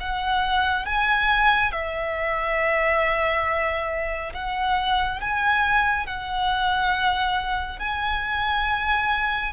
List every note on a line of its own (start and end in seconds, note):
0.00 0.85 F#5
0.85 1.72 G#5
1.72 4.33 E5
4.34 5.21 F#5
5.21 6.06 G#5
6.06 7.79 F#5
7.79 9.53 G#5